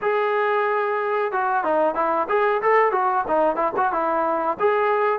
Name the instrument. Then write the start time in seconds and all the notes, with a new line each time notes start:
trombone
0.01 G#4
1.32 F#4
1.63 D#4
1.94 E4
2.28 G#4
2.62 A4
2.92 F#4
3.27 D#4
3.55 E4
3.76 F#4
3.92 E4
4.59 G#4